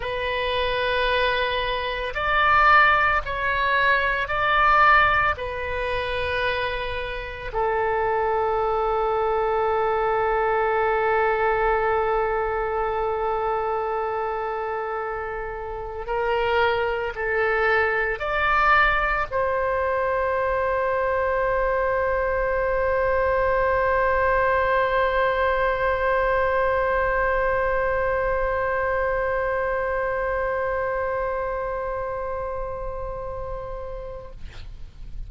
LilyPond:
\new Staff \with { instrumentName = "oboe" } { \time 4/4 \tempo 4 = 56 b'2 d''4 cis''4 | d''4 b'2 a'4~ | a'1~ | a'2. ais'4 |
a'4 d''4 c''2~ | c''1~ | c''1~ | c''1 | }